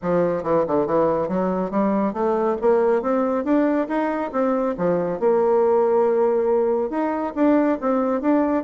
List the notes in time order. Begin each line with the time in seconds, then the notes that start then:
0.02 F3
0.43 E3
0.67 D3
0.86 E3
1.28 F#3
1.71 G3
2.13 A3
2.61 A#3
3.01 C4
3.44 D4
3.88 D#4
4.32 C4
4.77 F3
5.19 A#3
6.90 D#4
7.35 D4
7.80 C4
8.21 D4